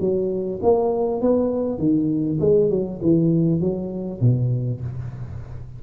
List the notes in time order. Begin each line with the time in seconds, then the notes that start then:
0.00 F#3
0.62 A#3
1.21 B3
1.79 D#3
2.40 G#3
2.70 F#3
3.02 E3
3.61 F#3
4.21 B2